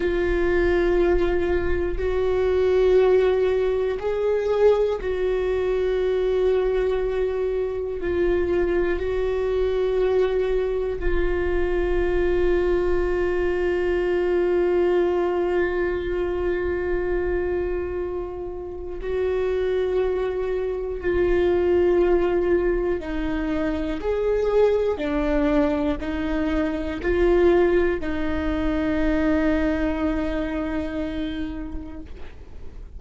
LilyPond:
\new Staff \with { instrumentName = "viola" } { \time 4/4 \tempo 4 = 60 f'2 fis'2 | gis'4 fis'2. | f'4 fis'2 f'4~ | f'1~ |
f'2. fis'4~ | fis'4 f'2 dis'4 | gis'4 d'4 dis'4 f'4 | dis'1 | }